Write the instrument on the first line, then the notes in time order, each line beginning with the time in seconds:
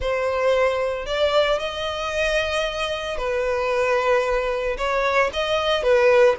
violin
0.00 C5
1.05 D5
1.59 D#5
3.17 B4
4.77 C#5
5.33 D#5
5.82 B4